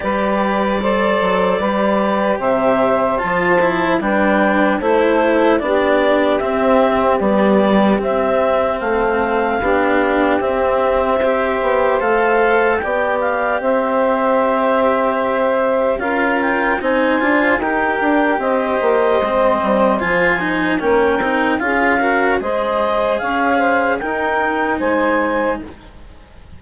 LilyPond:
<<
  \new Staff \with { instrumentName = "clarinet" } { \time 4/4 \tempo 4 = 75 d''2. e''4 | a''4 g''4 c''4 d''4 | e''4 d''4 e''4 f''4~ | f''4 e''2 f''4 |
g''8 f''8 e''2. | f''8 g''8 gis''4 g''4 dis''4~ | dis''4 gis''4 g''4 f''4 | dis''4 f''4 g''4 gis''4 | }
  \new Staff \with { instrumentName = "saxophone" } { \time 4/4 b'4 c''4 b'4 c''4~ | c''4 b'4 a'4 g'4~ | g'2. a'4 | g'2 c''2 |
d''4 c''2. | ais'4 c''4 ais'4 c''4~ | c''2 ais'4 gis'8 ais'8 | c''4 cis''8 c''8 ais'4 c''4 | }
  \new Staff \with { instrumentName = "cello" } { \time 4/4 g'4 a'4 g'2 | f'8 e'8 d'4 e'4 d'4 | c'4 g4 c'2 | d'4 c'4 g'4 a'4 |
g'1 | f'4 dis'8 f'8 g'2 | c'4 f'8 dis'8 cis'8 dis'8 f'8 fis'8 | gis'2 dis'2 | }
  \new Staff \with { instrumentName = "bassoon" } { \time 4/4 g4. fis8 g4 c4 | f4 g4 a4 b4 | c'4 b4 c'4 a4 | b4 c'4. b8 a4 |
b4 c'2. | cis'4 c'8 d'8 dis'8 d'8 c'8 ais8 | gis8 g8 f4 ais8 c'8 cis'4 | gis4 cis'4 dis'4 gis4 | }
>>